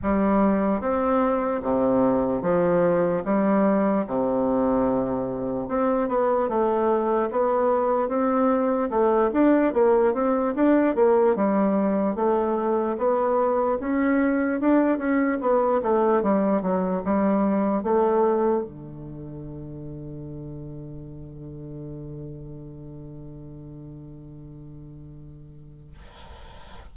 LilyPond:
\new Staff \with { instrumentName = "bassoon" } { \time 4/4 \tempo 4 = 74 g4 c'4 c4 f4 | g4 c2 c'8 b8 | a4 b4 c'4 a8 d'8 | ais8 c'8 d'8 ais8 g4 a4 |
b4 cis'4 d'8 cis'8 b8 a8 | g8 fis8 g4 a4 d4~ | d1~ | d1 | }